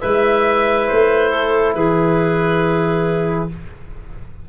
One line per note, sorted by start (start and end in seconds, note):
0.00 0.90 G#3
0.00 3.49 E4
0.00 1.30 B4
0.00 0.87 E5
0.87 1.74 A3
0.87 1.74 C5
1.30 1.73 A4
1.74 3.48 E3
1.74 3.49 G#4
1.74 3.48 B4